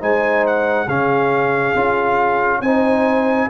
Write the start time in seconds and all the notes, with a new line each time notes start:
0.00 G#3 D#4 C5 G#5
0.46 F#5
0.85 C#3 C#4 G#4 F5
1.75 C#4 F4
2.61 C4 D#4 C5 G#5